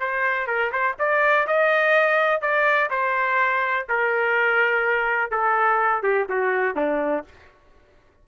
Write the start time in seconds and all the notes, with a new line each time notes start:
0.00 C5
0.47 A#4
0.72 C5
0.99 D5
1.47 D#5
2.41 D5
2.90 C5
3.89 A#4
5.31 A4
6.03 G4
6.29 F#4
6.76 D4